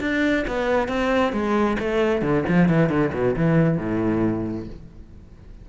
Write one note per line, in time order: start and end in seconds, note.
0.00 0.44 D4
0.47 0.88 B3
0.88 1.32 C4
1.32 1.77 G#3
1.78 2.21 A3
2.21 2.44 D3
2.48 2.68 F3
2.68 2.89 E3
2.89 3.11 D3
3.13 3.35 B2
3.36 3.78 E3
3.78 4.66 A2